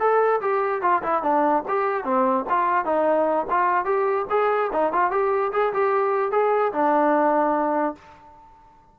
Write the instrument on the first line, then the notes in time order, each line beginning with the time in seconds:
trombone
0.00 A4
0.41 G4
0.82 F4
1.03 E4
1.23 D4
1.68 G4
2.04 C4
2.50 F4
2.85 D#4
3.50 F4
3.85 G4
4.30 G#4
4.73 D#4
4.93 F4
5.11 G4
5.53 G#4
5.73 G4
6.31 G#4
6.73 D4